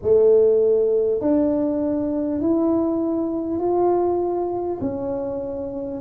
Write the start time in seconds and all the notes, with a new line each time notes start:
0.02 A3
1.20 D4
2.41 E4
3.59 F4
4.80 C#4